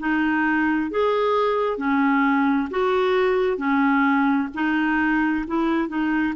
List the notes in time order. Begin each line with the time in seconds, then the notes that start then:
0.00 D#4
0.91 G#4
1.78 C#4
2.71 F#4
3.57 C#4
4.55 D#4
5.47 E4
5.89 D#4